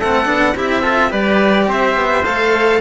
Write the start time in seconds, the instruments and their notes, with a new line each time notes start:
0.00 cello A3 C4, trumpet A4, violin F#5
0.26 cello B3 D4
0.56 cello C4 E4, trumpet G4, violin E5
0.83 cello F4, trumpet A4
1.10 cello G3 G4, trumpet B4, violin D5
1.68 cello C4, trumpet C5, violin E5
1.96 cello B3
2.25 cello A3 A4, violin F5